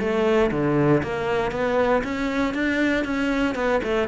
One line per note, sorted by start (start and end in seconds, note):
0.00 0.51 A3
0.51 1.02 D3
1.03 1.52 A#3
1.52 2.02 B3
2.04 2.54 C#4
2.54 3.05 D4
3.05 3.55 C#4
3.55 3.81 B3
3.84 4.08 A3